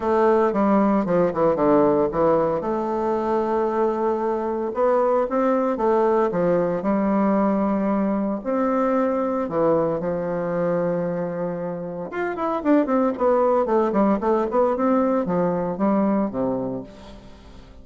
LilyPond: \new Staff \with { instrumentName = "bassoon" } { \time 4/4 \tempo 4 = 114 a4 g4 f8 e8 d4 | e4 a2.~ | a4 b4 c'4 a4 | f4 g2. |
c'2 e4 f4~ | f2. f'8 e'8 | d'8 c'8 b4 a8 g8 a8 b8 | c'4 f4 g4 c4 | }